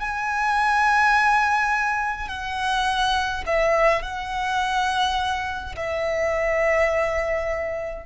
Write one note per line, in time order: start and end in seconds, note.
0.00 2.28 G#5
2.28 3.44 F#5
3.46 4.02 E5
4.02 5.75 F#5
5.76 8.06 E5